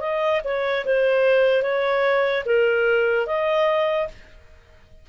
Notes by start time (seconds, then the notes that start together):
0.00 D#5
0.44 C#5
0.85 C5
1.62 C#5
2.45 A#4
3.26 D#5